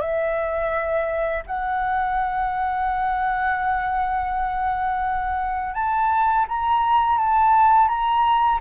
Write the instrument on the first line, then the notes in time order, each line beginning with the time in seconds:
flute
0.00 E5
1.46 F#5
5.74 A5
6.48 A#5
7.18 A5
7.88 A#5